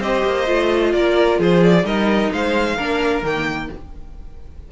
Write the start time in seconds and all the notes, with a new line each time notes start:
0.00 C4 G4 C5 D#5
0.25 A#3
0.46 A3 F4
0.93 A#3 A#4 D5
1.39 F3 G#4 C5
1.64 D5
1.84 G3 D#4 A#4 D#5
2.32 G#3 C5 F5
2.76 A#3 D4 A#4
3.22 D#3 A#3 G5